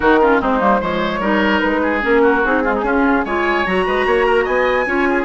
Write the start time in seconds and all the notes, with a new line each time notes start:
0.00 D#3 D#4 F#4 A#4
0.21 C#4 F4
0.40 G#3 C4 D#4 C5
0.59 G3 A#3
0.80 F3 G#3 C5 C#5
1.20 G3 D#4 A#4
1.60 G#3 B4
1.82 G#4
2.01 A#3 C#4 A#4
2.22 F#4
2.44 C4 D#4 G#4
2.63 G#3 F4
2.74 D#4
2.82 C#4 F4
3.25 G#3 F4 C#5 G#5
3.66 F#3 F#4 A#5
3.86 G#3 B4
4.06 A#3 C#5
4.26 A#4
4.43 B3 D#5 G#5
4.86 C#4 F4 C#5
5.09 G#4